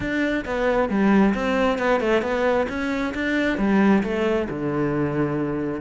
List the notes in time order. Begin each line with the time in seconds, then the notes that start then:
0.00 D4
0.45 B3
0.89 G3
1.34 C4
1.78 B3
2.00 A3
2.22 B3
2.68 C#4
3.14 D4
3.58 G3
4.03 A3
4.49 D3